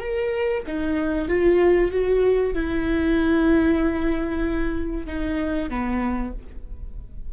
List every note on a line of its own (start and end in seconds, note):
0.00 0.63 A#4
0.67 1.29 D#4
1.29 1.92 F4
1.92 2.54 F#4
2.54 5.07 E4
5.07 5.70 D#4
5.70 6.33 B3